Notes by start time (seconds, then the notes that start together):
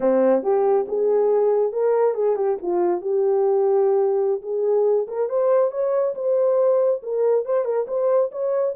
0.00 C4
0.42 G4
0.88 G#4
1.72 A#4
2.14 G#4
2.35 G4
2.61 F4
3.01 G4
4.42 G#4
5.07 A#4
5.29 C5
5.71 C#5
6.15 C5
7.02 A#4
7.45 C5
7.64 A#4
7.87 C5
8.31 C#5